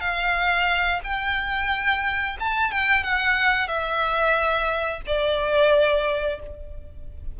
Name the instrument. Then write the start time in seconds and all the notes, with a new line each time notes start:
violin
0.00 F5
1.03 G5
2.39 A5
2.71 G5
3.03 F#5
3.67 E5
5.06 D5